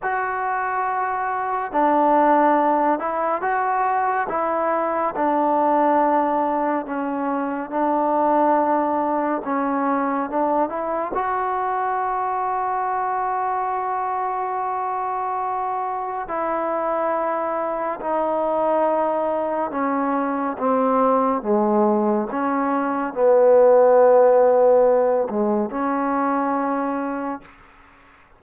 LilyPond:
\new Staff \with { instrumentName = "trombone" } { \time 4/4 \tempo 4 = 70 fis'2 d'4. e'8 | fis'4 e'4 d'2 | cis'4 d'2 cis'4 | d'8 e'8 fis'2.~ |
fis'2. e'4~ | e'4 dis'2 cis'4 | c'4 gis4 cis'4 b4~ | b4. gis8 cis'2 | }